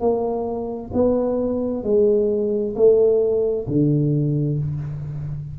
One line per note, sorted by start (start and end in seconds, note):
0.00 0.91 A#3
0.93 1.83 B3
1.83 2.74 G#3
2.76 3.67 A3
3.67 4.58 D3